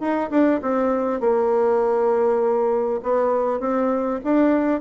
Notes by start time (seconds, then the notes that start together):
0.00 D#4
0.30 D4
0.62 C4
1.20 A#3
3.02 B3
3.60 C4
4.24 D4